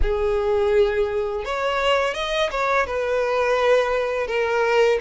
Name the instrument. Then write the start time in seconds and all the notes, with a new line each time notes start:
violin
0.02 G#4
1.44 C#5
2.14 D#5
2.51 C#5
2.86 B4
4.27 A#4